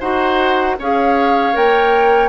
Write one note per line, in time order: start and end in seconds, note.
0.00 0.77 D#4
0.00 0.77 F#4
0.00 0.76 C5
0.00 0.77 F#5
0.79 1.55 C#4
0.79 1.53 G#4
0.79 2.28 C#5
0.79 1.57 F5
1.53 2.28 A#3
1.53 2.28 A#4
1.53 2.28 G5